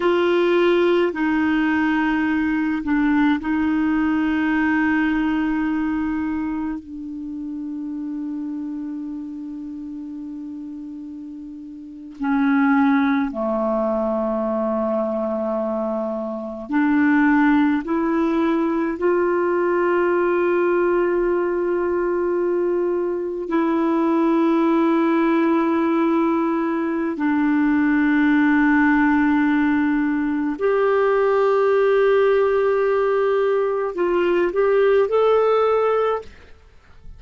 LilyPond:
\new Staff \with { instrumentName = "clarinet" } { \time 4/4 \tempo 4 = 53 f'4 dis'4. d'8 dis'4~ | dis'2 d'2~ | d'2~ d'8. cis'4 a16~ | a2~ a8. d'4 e'16~ |
e'8. f'2.~ f'16~ | f'8. e'2.~ e'16 | d'2. g'4~ | g'2 f'8 g'8 a'4 | }